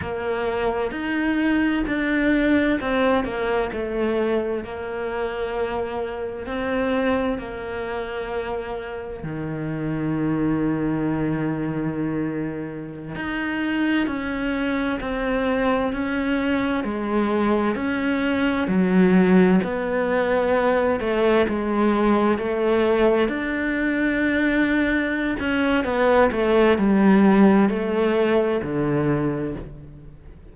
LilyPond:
\new Staff \with { instrumentName = "cello" } { \time 4/4 \tempo 4 = 65 ais4 dis'4 d'4 c'8 ais8 | a4 ais2 c'4 | ais2 dis2~ | dis2~ dis16 dis'4 cis'8.~ |
cis'16 c'4 cis'4 gis4 cis'8.~ | cis'16 fis4 b4. a8 gis8.~ | gis16 a4 d'2~ d'16 cis'8 | b8 a8 g4 a4 d4 | }